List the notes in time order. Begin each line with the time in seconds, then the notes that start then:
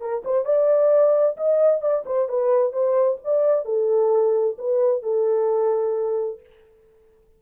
0.00 A#4
0.25 C5
0.45 D5
1.37 D#5
1.81 D5
2.06 C5
2.29 B4
2.73 C5
3.24 D5
3.65 A4
4.58 B4
5.03 A4